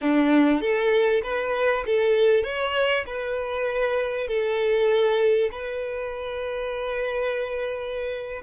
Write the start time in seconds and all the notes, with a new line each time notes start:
0.01 D4
0.60 A4
1.23 B4
1.85 A4
2.43 C#5
3.06 B4
4.27 A4
5.51 B4